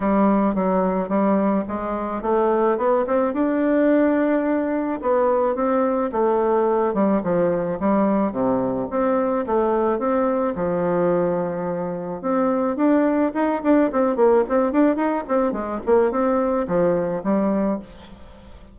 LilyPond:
\new Staff \with { instrumentName = "bassoon" } { \time 4/4 \tempo 4 = 108 g4 fis4 g4 gis4 | a4 b8 c'8 d'2~ | d'4 b4 c'4 a4~ | a8 g8 f4 g4 c4 |
c'4 a4 c'4 f4~ | f2 c'4 d'4 | dis'8 d'8 c'8 ais8 c'8 d'8 dis'8 c'8 | gis8 ais8 c'4 f4 g4 | }